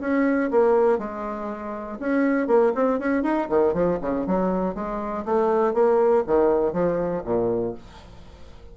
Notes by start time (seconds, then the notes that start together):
0.00 C#4
0.50 A#3
0.98 G#3
1.99 C#4
2.47 A#3
2.74 C4
2.99 C#4
3.23 D#4
3.49 D#3
3.73 F3
4.01 C#3
4.26 F#3
4.74 G#3
5.25 A3
5.73 A#3
6.27 D#3
6.72 F3
7.24 A#2